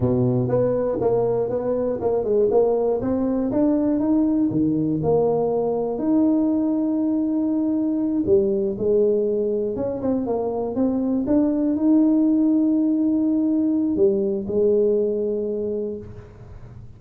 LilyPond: \new Staff \with { instrumentName = "tuba" } { \time 4/4 \tempo 4 = 120 b,4 b4 ais4 b4 | ais8 gis8 ais4 c'4 d'4 | dis'4 dis4 ais2 | dis'1~ |
dis'8 g4 gis2 cis'8 | c'8 ais4 c'4 d'4 dis'8~ | dis'1 | g4 gis2. | }